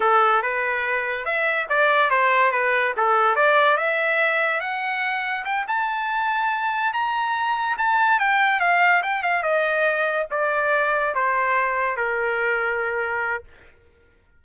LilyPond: \new Staff \with { instrumentName = "trumpet" } { \time 4/4 \tempo 4 = 143 a'4 b'2 e''4 | d''4 c''4 b'4 a'4 | d''4 e''2 fis''4~ | fis''4 g''8 a''2~ a''8~ |
a''8 ais''2 a''4 g''8~ | g''8 f''4 g''8 f''8 dis''4.~ | dis''8 d''2 c''4.~ | c''8 ais'2.~ ais'8 | }